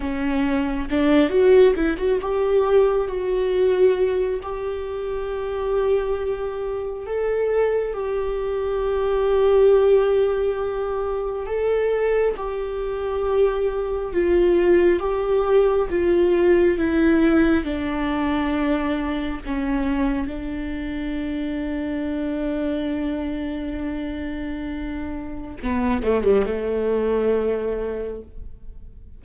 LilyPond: \new Staff \with { instrumentName = "viola" } { \time 4/4 \tempo 4 = 68 cis'4 d'8 fis'8 e'16 fis'16 g'4 fis'8~ | fis'4 g'2. | a'4 g'2.~ | g'4 a'4 g'2 |
f'4 g'4 f'4 e'4 | d'2 cis'4 d'4~ | d'1~ | d'4 b8 a16 g16 a2 | }